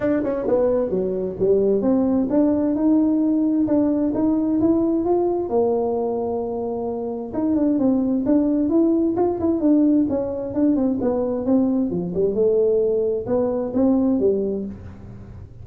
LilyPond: \new Staff \with { instrumentName = "tuba" } { \time 4/4 \tempo 4 = 131 d'8 cis'8 b4 fis4 g4 | c'4 d'4 dis'2 | d'4 dis'4 e'4 f'4 | ais1 |
dis'8 d'8 c'4 d'4 e'4 | f'8 e'8 d'4 cis'4 d'8 c'8 | b4 c'4 f8 g8 a4~ | a4 b4 c'4 g4 | }